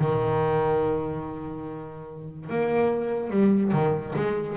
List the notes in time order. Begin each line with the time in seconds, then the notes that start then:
0.00 D#3
2.50 A#3
3.31 G3
3.73 D#3
4.16 G#3